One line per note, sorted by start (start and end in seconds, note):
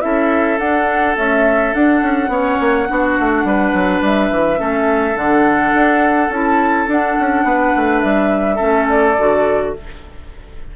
0.00 0.59 C#4
0.00 0.57 E4
0.00 2.31 A4
0.00 0.58 E5
0.58 1.16 D4
0.58 1.15 F#5
1.16 1.72 A3
1.16 1.73 C#4
1.16 1.73 E5
1.72 2.29 D4
1.72 2.02 D4
1.72 4.02 F#5
2.02 2.28 C#4
2.28 2.56 B3
2.28 2.86 C#4
2.28 2.88 C#5
2.60 2.88 A#3
2.87 3.18 B3
2.87 4.56 D4
2.87 3.46 F#4
3.19 3.44 A3
3.44 3.72 G3
3.44 4.59 B4
3.73 4.01 F#3
4.01 4.30 G3
4.01 5.16 E5
4.31 4.60 E3
4.56 5.16 A3
4.56 5.13 C#4
4.56 7.45 A4
5.14 5.73 D3
5.14 6.28 D4
5.14 6.31 F#5
5.74 6.29 D4
6.29 6.86 C#4
6.29 6.88 E4
6.29 6.88 A5
6.87 7.16 D4
6.87 8.57 D4
6.87 8.00 F#5
7.20 7.44 C#4
7.44 7.72 B3
7.44 8.55 B4
7.76 8.03 A3
8.00 8.60 G3
8.00 8.86 E5
8.55 9.18 A3
8.55 9.14 C#4
8.55 9.69 A4
8.88 9.74 D5
9.18 9.76 D3
9.18 9.75 F#4